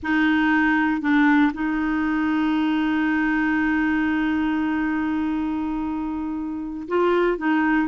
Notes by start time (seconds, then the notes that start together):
0.02 D#4
1.01 D4
1.53 D#4
6.88 F4
7.37 D#4